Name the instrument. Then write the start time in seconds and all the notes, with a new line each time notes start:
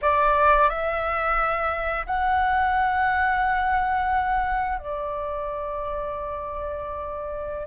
flute
0.01 D5
0.69 E5
2.06 F#5
4.79 D5